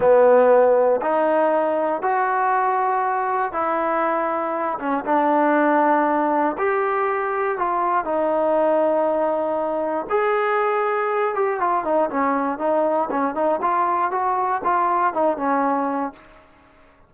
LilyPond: \new Staff \with { instrumentName = "trombone" } { \time 4/4 \tempo 4 = 119 b2 dis'2 | fis'2. e'4~ | e'4. cis'8 d'2~ | d'4 g'2 f'4 |
dis'1 | gis'2~ gis'8 g'8 f'8 dis'8 | cis'4 dis'4 cis'8 dis'8 f'4 | fis'4 f'4 dis'8 cis'4. | }